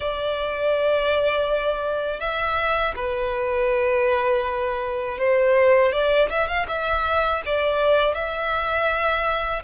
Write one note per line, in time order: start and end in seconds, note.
0.00 2.20 D5
2.20 2.94 E5
2.95 5.18 B4
5.18 5.92 C5
5.92 6.29 D5
6.29 6.47 E5
6.47 6.66 F5
6.67 7.41 E5
7.45 8.14 D5
8.14 9.62 E5